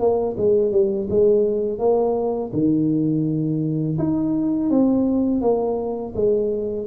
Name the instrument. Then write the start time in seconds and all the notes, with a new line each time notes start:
tuba
0.00 A#3
0.38 G#3
0.72 G3
1.10 G#3
1.79 A#3
2.53 D#3
3.99 D#4
4.71 C4
5.42 A#3
6.16 G#3